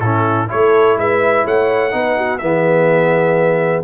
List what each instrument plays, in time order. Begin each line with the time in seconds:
0.00 tuba A2, trombone C#4, horn E4, trumpet A4
0.48 tuba A3, trombone E4, horn A4, trumpet C#5
0.97 tuba G#3, horn B4, trumpet E5
1.45 tuba A3, horn C#5, trumpet F#5
1.91 tuba B3, trombone D#4, horn B4
2.17 horn F#4
2.38 tuba E3, trombone B3, trumpet E5
2.45 horn G#4